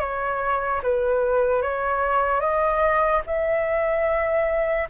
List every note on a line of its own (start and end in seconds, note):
0.00 0.81 C#5
0.83 1.62 B4
1.62 2.40 C#5
2.40 3.21 D#5
3.26 4.88 E5